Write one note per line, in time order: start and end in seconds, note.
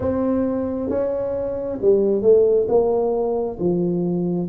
0.00 0.90 C4
0.90 1.79 C#4
1.81 2.21 G3
2.21 2.66 A3
2.68 3.58 A#3
3.59 4.49 F3